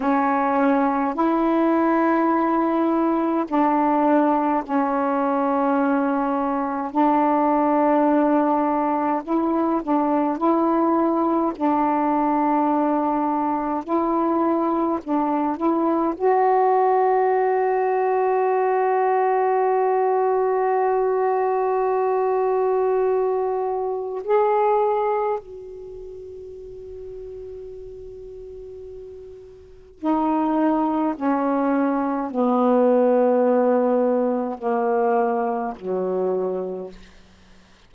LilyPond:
\new Staff \with { instrumentName = "saxophone" } { \time 4/4 \tempo 4 = 52 cis'4 e'2 d'4 | cis'2 d'2 | e'8 d'8 e'4 d'2 | e'4 d'8 e'8 fis'2~ |
fis'1~ | fis'4 gis'4 fis'2~ | fis'2 dis'4 cis'4 | b2 ais4 fis4 | }